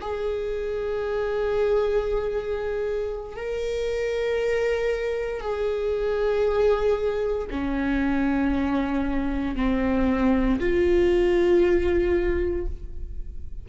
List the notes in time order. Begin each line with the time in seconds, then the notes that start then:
0.00 G#4
3.36 A#4
5.40 G#4
7.50 C#4
9.55 C4
10.59 F4